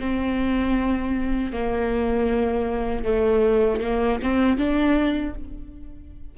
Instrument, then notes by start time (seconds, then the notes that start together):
viola
0.00 C4
1.53 A#3
3.05 A3
3.82 A#3
4.23 C4
4.58 D4